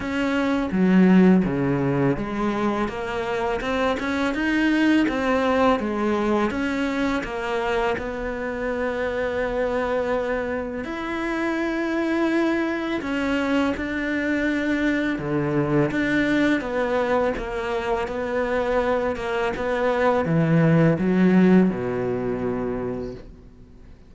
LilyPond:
\new Staff \with { instrumentName = "cello" } { \time 4/4 \tempo 4 = 83 cis'4 fis4 cis4 gis4 | ais4 c'8 cis'8 dis'4 c'4 | gis4 cis'4 ais4 b4~ | b2. e'4~ |
e'2 cis'4 d'4~ | d'4 d4 d'4 b4 | ais4 b4. ais8 b4 | e4 fis4 b,2 | }